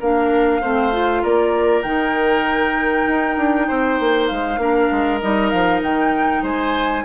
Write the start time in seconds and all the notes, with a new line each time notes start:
0.00 A#3 D4 A#4 F5
0.61 A3 C4 C5
0.92 F4
1.23 A#3 A#4 D5
1.83 D#3 D#4 G5
3.07 D#4
3.37 D4
3.68 C4 C5
4.00 A#3
4.28 G#3 F5
4.58 A#3 D4 A#4
4.92 G#3
5.21 G3 D#4 D#5
5.50 F3 F5
5.82 D#3 G5
6.43 G#3 C5 G#5